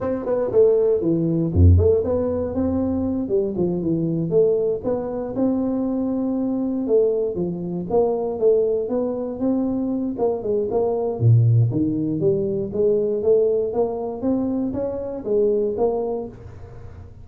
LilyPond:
\new Staff \with { instrumentName = "tuba" } { \time 4/4 \tempo 4 = 118 c'8 b8 a4 e4 f,8 a8 | b4 c'4. g8 f8 e8~ | e8 a4 b4 c'4.~ | c'4. a4 f4 ais8~ |
ais8 a4 b4 c'4. | ais8 gis8 ais4 ais,4 dis4 | g4 gis4 a4 ais4 | c'4 cis'4 gis4 ais4 | }